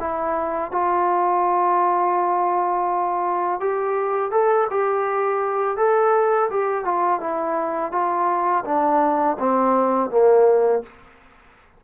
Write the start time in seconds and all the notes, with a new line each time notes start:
0.00 E4
0.71 F4
3.60 G4
4.31 A4
4.70 G4
5.77 A4
6.50 G4
6.84 F4
7.20 E4
7.92 F4
8.65 D4
9.39 C4
10.10 A#3